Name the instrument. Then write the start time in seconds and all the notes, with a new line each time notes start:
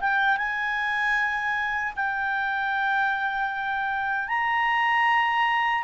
clarinet
0.00 G5
0.37 G#5
1.96 G5
4.28 A#5